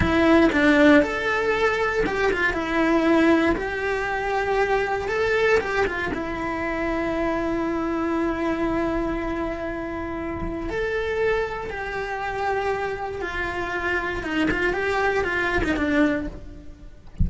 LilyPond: \new Staff \with { instrumentName = "cello" } { \time 4/4 \tempo 4 = 118 e'4 d'4 a'2 | g'8 f'8 e'2 g'4~ | g'2 a'4 g'8 f'8 | e'1~ |
e'1~ | e'4 a'2 g'4~ | g'2 f'2 | dis'8 f'8 g'4 f'8. dis'16 d'4 | }